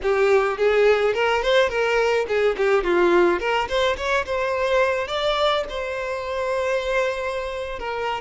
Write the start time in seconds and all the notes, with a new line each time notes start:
0.02 G4
0.57 G#4
1.14 A#4
1.42 C5
1.69 A#4
2.27 G#4
2.57 G4
2.83 F4
3.39 A#4
3.68 C5
3.96 C#5
4.25 C5
5.07 D5
5.69 C5
7.79 A#4